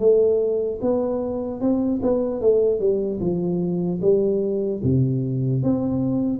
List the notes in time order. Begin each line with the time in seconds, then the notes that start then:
0.00 A3
0.82 B3
1.61 C4
2.03 B3
2.41 A3
2.80 G3
3.21 F3
4.02 G3
4.84 C3
5.63 C4